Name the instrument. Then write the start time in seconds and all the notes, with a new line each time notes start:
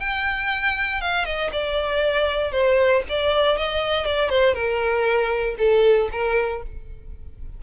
violin
0.00 G5
1.02 F5
1.26 D#5
1.53 D5
2.52 C5
3.09 D5
3.58 D#5
4.06 D5
4.30 C5
4.55 A#4
5.59 A4
6.12 A#4